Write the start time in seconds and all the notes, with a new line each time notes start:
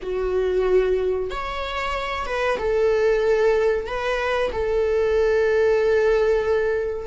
0.02 F#4
1.30 C#5
2.26 B4
2.58 A4
3.87 B4
4.52 A4